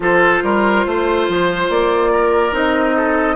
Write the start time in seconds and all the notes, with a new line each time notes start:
0.00 F3 F4 A4 C5
0.42 G3 A#4
0.86 A3 C5
1.28 F3
1.69 A#3 D5
2.11 A#4
2.52 C4 D#4 D#5
2.96 A4